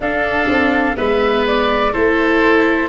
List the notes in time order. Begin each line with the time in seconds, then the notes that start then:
0.00 D4 A4 F5
0.48 C4
0.95 G#3 B3 B4 E5
1.47 D5
1.92 A3 E4 A4 C5